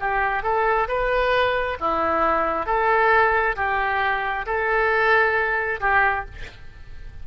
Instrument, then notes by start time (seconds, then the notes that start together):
oboe
0.00 G4
0.43 A4
0.88 B4
1.80 E4
2.66 A4
3.56 G4
4.46 A4
5.80 G4